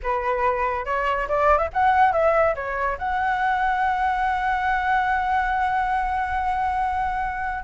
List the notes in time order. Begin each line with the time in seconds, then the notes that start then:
0.02 B4
0.85 C#5
1.28 D5
1.58 E5
1.73 F#5
2.12 E5
2.55 C#5
2.98 F#5